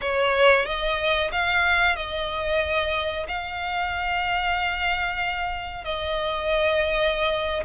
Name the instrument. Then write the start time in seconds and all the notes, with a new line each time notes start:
violin
0.01 C#5
0.65 D#5
1.32 F5
1.96 D#5
3.28 F5
5.84 D#5